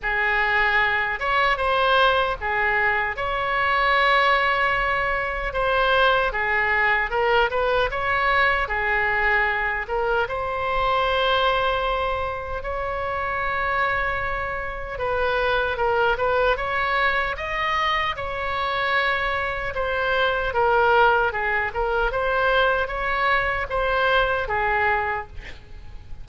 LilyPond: \new Staff \with { instrumentName = "oboe" } { \time 4/4 \tempo 4 = 76 gis'4. cis''8 c''4 gis'4 | cis''2. c''4 | gis'4 ais'8 b'8 cis''4 gis'4~ | gis'8 ais'8 c''2. |
cis''2. b'4 | ais'8 b'8 cis''4 dis''4 cis''4~ | cis''4 c''4 ais'4 gis'8 ais'8 | c''4 cis''4 c''4 gis'4 | }